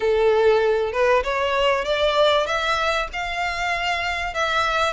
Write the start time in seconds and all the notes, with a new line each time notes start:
0.00 A4
0.92 B4
1.23 C#5
1.84 D5
2.46 E5
3.12 F5
4.34 E5